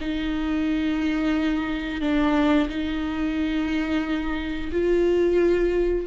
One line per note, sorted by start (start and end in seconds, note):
0.00 2.01 D#4
2.01 2.68 D4
2.68 4.70 D#4
4.72 6.06 F4